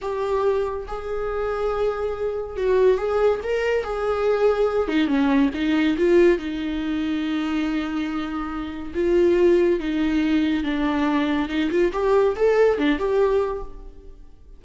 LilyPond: \new Staff \with { instrumentName = "viola" } { \time 4/4 \tempo 4 = 141 g'2 gis'2~ | gis'2 fis'4 gis'4 | ais'4 gis'2~ gis'8 dis'8 | cis'4 dis'4 f'4 dis'4~ |
dis'1~ | dis'4 f'2 dis'4~ | dis'4 d'2 dis'8 f'8 | g'4 a'4 d'8 g'4. | }